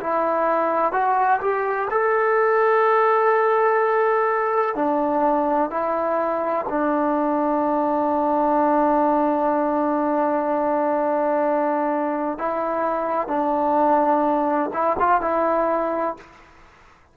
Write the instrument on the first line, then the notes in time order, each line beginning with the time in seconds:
trombone
0.00 E4
0.92 F#4
1.41 G4
1.90 A4
4.75 D4
5.70 E4
6.68 D4
12.38 E4
13.27 D4
14.73 E4
14.99 F4
15.21 E4